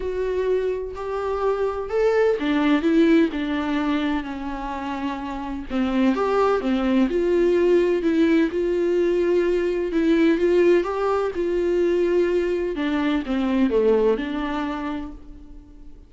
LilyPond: \new Staff \with { instrumentName = "viola" } { \time 4/4 \tempo 4 = 127 fis'2 g'2 | a'4 d'4 e'4 d'4~ | d'4 cis'2. | c'4 g'4 c'4 f'4~ |
f'4 e'4 f'2~ | f'4 e'4 f'4 g'4 | f'2. d'4 | c'4 a4 d'2 | }